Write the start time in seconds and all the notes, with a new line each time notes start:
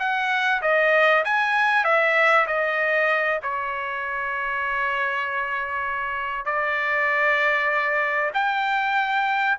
0.00 F#5
0.62 D#5
1.25 G#5
1.85 E5
2.48 D#5
3.43 C#5
6.46 D5
8.34 G5